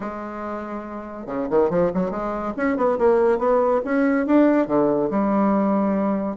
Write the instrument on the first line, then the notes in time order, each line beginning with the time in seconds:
bassoon
0.00 G#3
1.26 C#3
1.50 D#3
1.69 F3
1.94 F#3
2.10 G#3
2.56 C#4
2.76 B3
2.98 A#3
3.38 B3
3.84 C#4
4.26 D4
4.67 D3
5.10 G3